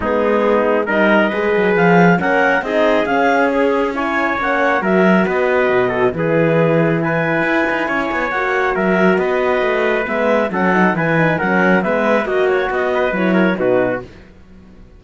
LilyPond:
<<
  \new Staff \with { instrumentName = "clarinet" } { \time 4/4 \tempo 4 = 137 gis'2 dis''2 | f''4 fis''4 dis''4 f''4 | gis'4 gis''4 fis''4 e''4 | dis''2 b'2 |
gis''2. fis''4 | e''4 dis''2 e''4 | fis''4 gis''4 fis''4 e''4 | dis''8 cis''8 dis''4 cis''4 b'4 | }
  \new Staff \with { instrumentName = "trumpet" } { \time 4/4 dis'2 ais'4 b'4~ | b'4 ais'4 gis'2~ | gis'4 cis''2 ais'4 | b'4. a'8 gis'2 |
b'2 cis''2 | ais'4 b'2. | a'4 b'4 ais'4 b'4 | fis'4. b'4 ais'8 fis'4 | }
  \new Staff \with { instrumentName = "horn" } { \time 4/4 b2 dis'4 gis'4~ | gis'4 cis'4 dis'4 cis'4~ | cis'4 e'4 cis'4 fis'4~ | fis'2 e'2~ |
e'2. fis'4~ | fis'2. b4 | cis'8 dis'8 e'8 dis'8 cis'4 b4 | fis'2 e'4 dis'4 | }
  \new Staff \with { instrumentName = "cello" } { \time 4/4 gis2 g4 gis8 fis8 | f4 ais4 c'4 cis'4~ | cis'2 ais4 fis4 | b4 b,4 e2~ |
e4 e'8 dis'8 cis'8 b8 ais4 | fis4 b4 a4 gis4 | fis4 e4 fis4 gis4 | ais4 b4 fis4 b,4 | }
>>